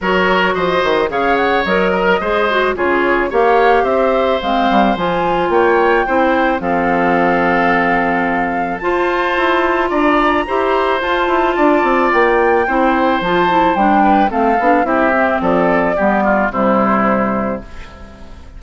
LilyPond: <<
  \new Staff \with { instrumentName = "flute" } { \time 4/4 \tempo 4 = 109 cis''4 dis''4 f''8 fis''8 dis''4~ | dis''4 cis''4 f''4 e''4 | f''4 gis''4 g''2 | f''1 |
a''2 ais''2 | a''2 g''2 | a''4 g''4 f''4 e''4 | d''2 c''2 | }
  \new Staff \with { instrumentName = "oboe" } { \time 4/4 ais'4 c''4 cis''4. ais'8 | c''4 gis'4 cis''4 c''4~ | c''2 cis''4 c''4 | a'1 |
c''2 d''4 c''4~ | c''4 d''2 c''4~ | c''4. b'8 a'4 g'4 | a'4 g'8 f'8 e'2 | }
  \new Staff \with { instrumentName = "clarinet" } { \time 4/4 fis'2 gis'4 ais'4 | gis'8 fis'8 f'4 g'2 | c'4 f'2 e'4 | c'1 |
f'2. g'4 | f'2. e'4 | f'8 e'8 d'4 c'8 d'8 e'8 c'8~ | c'4 b4 g2 | }
  \new Staff \with { instrumentName = "bassoon" } { \time 4/4 fis4 f8 dis8 cis4 fis4 | gis4 cis4 ais4 c'4 | gis8 g8 f4 ais4 c'4 | f1 |
f'4 e'4 d'4 e'4 | f'8 e'8 d'8 c'8 ais4 c'4 | f4 g4 a8 b8 c'4 | f4 g4 c2 | }
>>